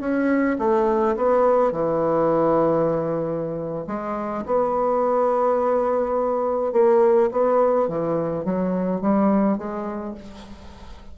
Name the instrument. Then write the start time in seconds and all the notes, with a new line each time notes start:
bassoon
0.00 C#4
0.58 A3
1.16 B3
1.72 E3
3.87 G#3
4.46 B3
6.73 A#3
7.31 B3
7.88 E3
8.45 F#3
9.01 G3
9.57 G#3